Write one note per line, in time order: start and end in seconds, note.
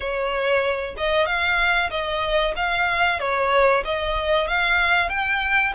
0.00 0.95 C#5
0.97 1.26 D#5
1.26 1.90 F5
1.90 2.54 D#5
2.56 3.19 F5
3.19 3.83 C#5
3.84 4.47 D#5
4.47 5.09 F5
5.09 5.73 G5